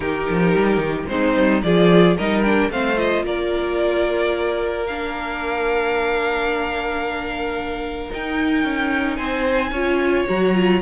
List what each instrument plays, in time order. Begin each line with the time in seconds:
0.00 cello D#3, viola D#4, violin G4 A#4
0.29 cello F3
0.55 cello G3
0.77 cello D#3
1.07 cello G#3, viola C4, violin D#4 C5
1.35 cello G3
1.62 cello F3, viola F4, violin G#4 D5
2.16 cello G3, viola D#4, violin A#4 D#5
2.42 viola D4, violin G5
2.69 cello A3, viola C4, violin C5 F5
2.96 viola F4, violin D#5
3.23 cello A#3, violin A#4 D5
4.86 viola D4, violin F5
8.10 viola D#4, cello D#4, violin G5
8.64 cello C#4
9.16 cello C4, violin C5 G#5
9.71 cello C#4, viola F4, violin C#5
10.27 cello F#3, viola F#4, violin A#5
10.54 viola F4